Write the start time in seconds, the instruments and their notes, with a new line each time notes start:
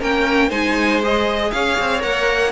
0.00 cello A#3, viola C#4, violin A#4 G5
0.49 cello G#3, viola D#4, violin C5 G#5
1.03 viola G#4, violin D#5
1.51 cello C#4, violin C#5 F5
1.79 cello C4
2.00 cello A#3, viola A#4, violin F#5